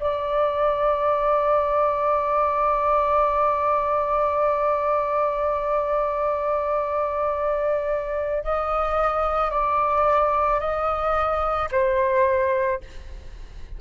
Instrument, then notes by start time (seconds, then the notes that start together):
flute
0.00 D5
8.44 D#5
9.51 D5
10.60 D#5
11.71 C5